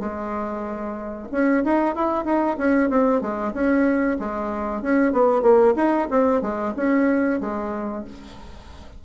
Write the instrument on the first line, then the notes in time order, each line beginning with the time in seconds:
bassoon
0.00 G#3
1.32 C#4
1.65 D#4
1.95 E4
2.25 D#4
2.58 C#4
2.90 C4
3.21 G#3
3.54 C#4
4.19 G#3
4.82 C#4
5.12 B3
5.42 A#3
5.76 D#4
6.11 C4
6.42 G#3
6.77 C#4
7.41 G#3